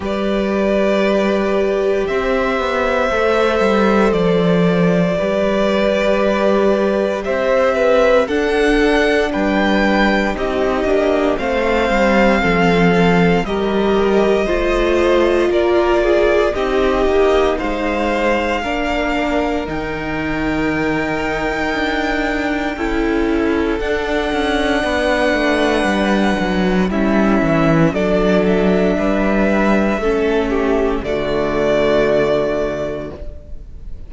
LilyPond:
<<
  \new Staff \with { instrumentName = "violin" } { \time 4/4 \tempo 4 = 58 d''2 e''2 | d''2. e''4 | fis''4 g''4 dis''4 f''4~ | f''4 dis''2 d''4 |
dis''4 f''2 g''4~ | g''2. fis''4~ | fis''2 e''4 d''8 e''8~ | e''2 d''2 | }
  \new Staff \with { instrumentName = "violin" } { \time 4/4 b'2 c''2~ | c''4 b'2 c''8 b'8 | a'4 b'4 g'4 c''4 | a'4 ais'4 c''4 ais'8 gis'8 |
g'4 c''4 ais'2~ | ais'2 a'2 | b'2 e'4 a'4 | b'4 a'8 g'8 fis'2 | }
  \new Staff \with { instrumentName = "viola" } { \time 4/4 g'2. a'4~ | a'4 g'2. | d'2 dis'8 d'8 c'4~ | c'4 g'4 f'2 |
dis'2 d'4 dis'4~ | dis'2 e'4 d'4~ | d'2 cis'4 d'4~ | d'4 cis'4 a2 | }
  \new Staff \with { instrumentName = "cello" } { \time 4/4 g2 c'8 b8 a8 g8 | f4 g2 c'4 | d'4 g4 c'8 ais8 a8 g8 | f4 g4 a4 ais4 |
c'8 ais8 gis4 ais4 dis4~ | dis4 d'4 cis'4 d'8 cis'8 | b8 a8 g8 fis8 g8 e8 fis4 | g4 a4 d2 | }
>>